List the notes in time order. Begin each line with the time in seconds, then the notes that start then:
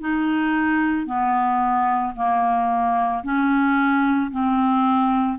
0.00 D#4
1.06 B3
2.16 A#3
3.23 C#4
4.31 C4